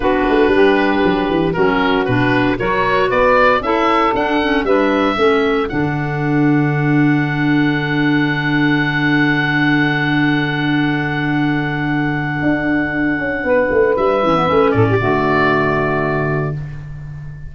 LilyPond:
<<
  \new Staff \with { instrumentName = "oboe" } { \time 4/4 \tempo 4 = 116 b'2. ais'4 | b'4 cis''4 d''4 e''4 | fis''4 e''2 fis''4~ | fis''1~ |
fis''1~ | fis''1~ | fis''2. e''4~ | e''8 d''2.~ d''8 | }
  \new Staff \with { instrumentName = "saxophone" } { \time 4/4 fis'4 g'2 fis'4~ | fis'4 ais'4 b'4 a'4~ | a'4 b'4 a'2~ | a'1~ |
a'1~ | a'1~ | a'2 b'2~ | b'8 a'16 g'16 fis'2. | }
  \new Staff \with { instrumentName = "clarinet" } { \time 4/4 d'2. cis'4 | d'4 fis'2 e'4 | d'8 cis'8 d'4 cis'4 d'4~ | d'1~ |
d'1~ | d'1~ | d'2.~ d'8 cis'16 b16 | cis'4 a2. | }
  \new Staff \with { instrumentName = "tuba" } { \time 4/4 b8 a8 g4 fis8 e8 fis4 | b,4 fis4 b4 cis'4 | d'4 g4 a4 d4~ | d1~ |
d1~ | d1 | d'4. cis'8 b8 a8 g8 e8 | a8 a,8 d2. | }
>>